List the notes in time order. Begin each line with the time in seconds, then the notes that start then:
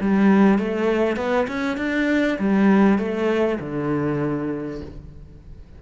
0.00 G3
0.58 A3
1.16 B3
1.47 C#4
1.77 D4
2.38 G3
2.98 A3
3.60 D3